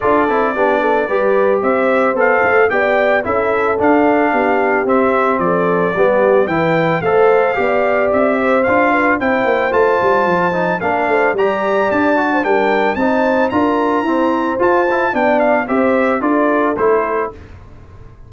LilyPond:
<<
  \new Staff \with { instrumentName = "trumpet" } { \time 4/4 \tempo 4 = 111 d''2. e''4 | f''4 g''4 e''4 f''4~ | f''4 e''4 d''2 | g''4 f''2 e''4 |
f''4 g''4 a''2 | f''4 ais''4 a''4 g''4 | a''4 ais''2 a''4 | g''8 f''8 e''4 d''4 c''4 | }
  \new Staff \with { instrumentName = "horn" } { \time 4/4 a'4 g'8 a'8 b'4 c''4~ | c''4 d''4 a'2 | g'2 a'4 g'4 | b'4 c''4 d''4. c''8~ |
c''8 b'8 c''2. | ais'8 c''8 d''4.~ d''16 c''16 ais'4 | c''4 ais'4 c''2 | d''4 c''4 a'2 | }
  \new Staff \with { instrumentName = "trombone" } { \time 4/4 f'8 e'8 d'4 g'2 | a'4 g'4 e'4 d'4~ | d'4 c'2 b4 | e'4 a'4 g'2 |
f'4 e'4 f'4. dis'8 | d'4 g'4. fis'8 d'4 | dis'4 f'4 c'4 f'8 e'8 | d'4 g'4 f'4 e'4 | }
  \new Staff \with { instrumentName = "tuba" } { \time 4/4 d'8 c'8 b4 g4 c'4 | b8 a8 b4 cis'4 d'4 | b4 c'4 f4 g4 | e4 a4 b4 c'4 |
d'4 c'8 ais8 a8 g8 f4 | ais8 a8 g4 d'4 g4 | c'4 d'4 e'4 f'4 | b4 c'4 d'4 a4 | }
>>